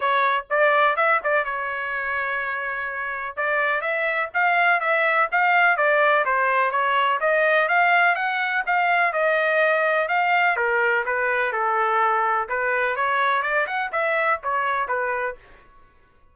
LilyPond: \new Staff \with { instrumentName = "trumpet" } { \time 4/4 \tempo 4 = 125 cis''4 d''4 e''8 d''8 cis''4~ | cis''2. d''4 | e''4 f''4 e''4 f''4 | d''4 c''4 cis''4 dis''4 |
f''4 fis''4 f''4 dis''4~ | dis''4 f''4 ais'4 b'4 | a'2 b'4 cis''4 | d''8 fis''8 e''4 cis''4 b'4 | }